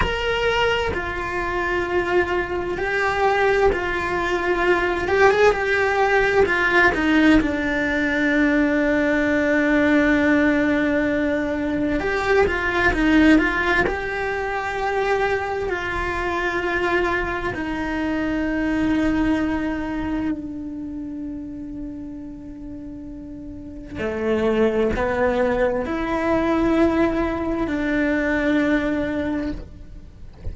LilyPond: \new Staff \with { instrumentName = "cello" } { \time 4/4 \tempo 4 = 65 ais'4 f'2 g'4 | f'4. g'16 gis'16 g'4 f'8 dis'8 | d'1~ | d'4 g'8 f'8 dis'8 f'8 g'4~ |
g'4 f'2 dis'4~ | dis'2 d'2~ | d'2 a4 b4 | e'2 d'2 | }